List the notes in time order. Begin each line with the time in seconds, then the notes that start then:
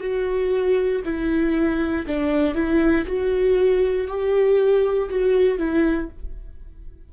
0.00 F#4
1.04 E4
2.07 D4
2.54 E4
3.06 F#4
4.07 G4
5.09 F#4
5.58 E4